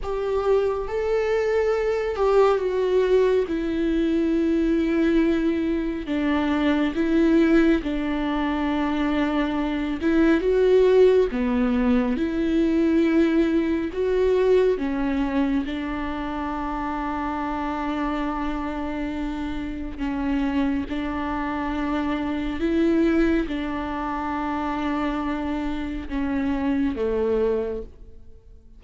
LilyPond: \new Staff \with { instrumentName = "viola" } { \time 4/4 \tempo 4 = 69 g'4 a'4. g'8 fis'4 | e'2. d'4 | e'4 d'2~ d'8 e'8 | fis'4 b4 e'2 |
fis'4 cis'4 d'2~ | d'2. cis'4 | d'2 e'4 d'4~ | d'2 cis'4 a4 | }